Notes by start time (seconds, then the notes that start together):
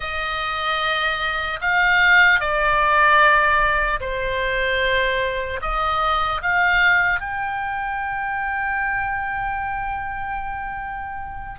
0.00 D#5
1.61 F5
2.40 D5
4.00 C5
5.61 D#5
6.41 F5
7.20 G5